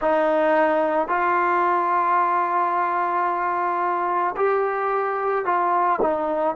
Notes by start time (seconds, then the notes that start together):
0.00 D#4
1.08 F4
4.36 G4
5.45 F4
6.01 D#4